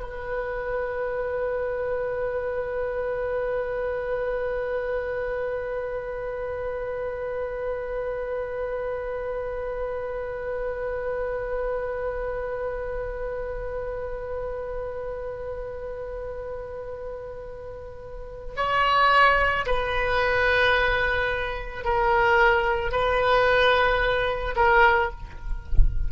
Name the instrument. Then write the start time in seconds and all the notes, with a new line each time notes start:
oboe
0.00 B4
18.57 C#5
19.66 B4
21.84 A#4
22.91 B4
24.56 A#4